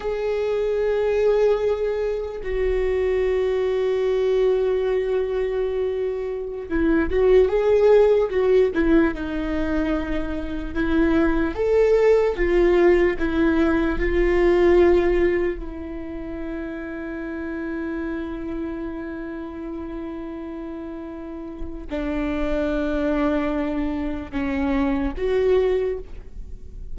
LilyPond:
\new Staff \with { instrumentName = "viola" } { \time 4/4 \tempo 4 = 74 gis'2. fis'4~ | fis'1~ | fis'16 e'8 fis'8 gis'4 fis'8 e'8 dis'8.~ | dis'4~ dis'16 e'4 a'4 f'8.~ |
f'16 e'4 f'2 e'8.~ | e'1~ | e'2. d'4~ | d'2 cis'4 fis'4 | }